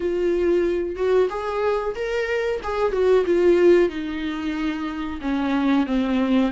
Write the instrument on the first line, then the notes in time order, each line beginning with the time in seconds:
viola
0.00 F4
0.95 F#4
1.29 G#4
1.95 A#4
2.63 G#4
2.92 F#4
3.25 F4
3.89 D#4
5.21 C#4
5.86 C4